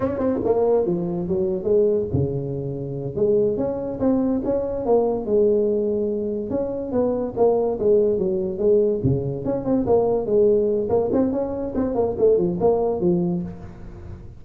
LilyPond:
\new Staff \with { instrumentName = "tuba" } { \time 4/4 \tempo 4 = 143 cis'8 c'8 ais4 f4 fis4 | gis4 cis2~ cis8 gis8~ | gis8 cis'4 c'4 cis'4 ais8~ | ais8 gis2. cis'8~ |
cis'8 b4 ais4 gis4 fis8~ | fis8 gis4 cis4 cis'8 c'8 ais8~ | ais8 gis4. ais8 c'8 cis'4 | c'8 ais8 a8 f8 ais4 f4 | }